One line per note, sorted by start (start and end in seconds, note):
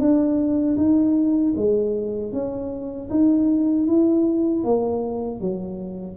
0.00 0.77 D4
0.77 1.54 D#4
1.57 2.33 G#3
2.33 3.09 C#4
3.10 3.87 D#4
3.88 4.64 E4
4.64 5.41 A#3
5.41 6.17 F#3